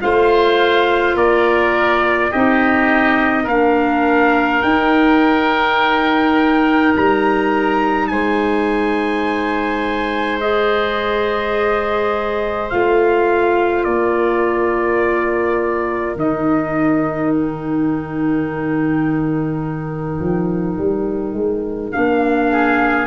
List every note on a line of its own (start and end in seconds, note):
0.00 1.14 A3
0.00 2.31 F4
0.00 1.16 C5
0.00 1.16 F5
1.14 2.30 A#3
1.14 2.31 A#4
1.14 2.31 D5
2.31 3.45 C4
2.31 3.48 D#4
2.31 3.43 G4
2.31 3.47 D#5
3.43 4.61 A#3
3.43 4.62 D4
3.43 8.05 A#4
3.43 4.62 F5
4.62 10.39 D#4
4.62 6.94 D#4
4.62 6.93 G5
6.96 8.10 G3
6.96 8.07 A#5
8.07 12.72 G#3
8.07 13.85 C5
8.07 10.38 G#5
10.40 12.70 G#4
10.40 12.69 D#5
12.69 13.84 A3
12.69 16.17 F4
12.69 13.84 F5
13.84 16.15 A#3
13.84 22.50 A#4
13.84 16.14 D5
16.15 20.19 D#3
16.15 21.93 D#4
16.15 17.33 D#5
17.33 21.92 G5
20.19 20.77 F3
20.77 21.33 G3
21.33 21.91 G#3
21.92 23.07 A#3
21.92 23.07 D4
21.92 23.07 F5
22.51 23.07 G#4